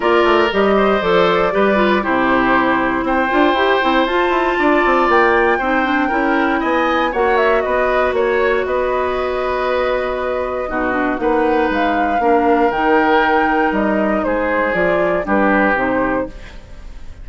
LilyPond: <<
  \new Staff \with { instrumentName = "flute" } { \time 4/4 \tempo 4 = 118 d''4 dis''4 d''2 | c''2 g''2 | a''2 g''2~ | g''4 gis''4 fis''8 e''8 dis''4 |
cis''4 dis''2.~ | dis''2 fis''4 f''4~ | f''4 g''2 dis''4 | c''4 d''4 b'4 c''4 | }
  \new Staff \with { instrumentName = "oboe" } { \time 4/4 ais'4. c''4. b'4 | g'2 c''2~ | c''4 d''2 c''4 | ais'4 dis''4 cis''4 b'4 |
cis''4 b'2.~ | b'4 fis'4 b'2 | ais'1 | gis'2 g'2 | }
  \new Staff \with { instrumentName = "clarinet" } { \time 4/4 f'4 g'4 a'4 g'8 f'8 | e'2~ e'8 f'8 g'8 e'8 | f'2. dis'8 d'8 | e'2 fis'2~ |
fis'1~ | fis'4 dis'8 d'8 dis'2 | d'4 dis'2.~ | dis'4 f'4 d'4 dis'4 | }
  \new Staff \with { instrumentName = "bassoon" } { \time 4/4 ais8 a8 g4 f4 g4 | c2 c'8 d'8 e'8 c'8 | f'8 e'8 d'8 c'8 ais4 c'4 | cis'4 b4 ais4 b4 |
ais4 b2.~ | b4 b,4 ais4 gis4 | ais4 dis2 g4 | gis4 f4 g4 c4 | }
>>